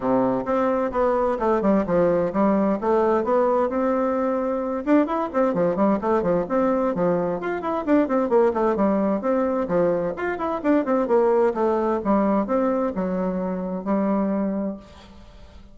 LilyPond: \new Staff \with { instrumentName = "bassoon" } { \time 4/4 \tempo 4 = 130 c4 c'4 b4 a8 g8 | f4 g4 a4 b4 | c'2~ c'8 d'8 e'8 c'8 | f8 g8 a8 f8 c'4 f4 |
f'8 e'8 d'8 c'8 ais8 a8 g4 | c'4 f4 f'8 e'8 d'8 c'8 | ais4 a4 g4 c'4 | fis2 g2 | }